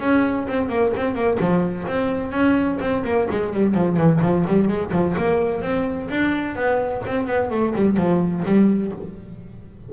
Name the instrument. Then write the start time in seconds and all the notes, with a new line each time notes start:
double bass
0.00 C#4
0.48 C4
0.69 A#3
0.97 C4
1.15 A#3
1.40 F3
1.87 C4
2.32 C#4
2.81 C4
3.04 A#3
3.30 G#3
3.54 G3
3.75 F3
3.97 E3
4.22 F3
4.47 G3
4.68 G#3
4.92 F3
5.17 A#3
5.62 C4
6.10 D4
6.56 B3
7.07 C4
7.27 B3
7.51 A3
7.76 G3
7.97 F3
8.45 G3